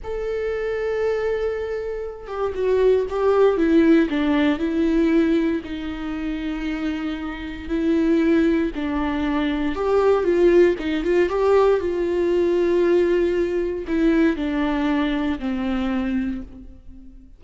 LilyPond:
\new Staff \with { instrumentName = "viola" } { \time 4/4 \tempo 4 = 117 a'1~ | a'8 g'8 fis'4 g'4 e'4 | d'4 e'2 dis'4~ | dis'2. e'4~ |
e'4 d'2 g'4 | f'4 dis'8 f'8 g'4 f'4~ | f'2. e'4 | d'2 c'2 | }